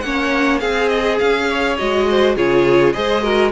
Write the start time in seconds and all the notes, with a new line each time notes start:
0.00 A#3 C#4 C#5 F#5
0.59 C4 G#4 F5
0.88 D#5
1.18 C#4 F5
1.48 C#5
1.77 G#3 F#4 D#5
2.09 C5
2.35 C#3 F4 G#4 C#5
2.92 G#3 G#4 C5 D#5
3.22 F#4 A#4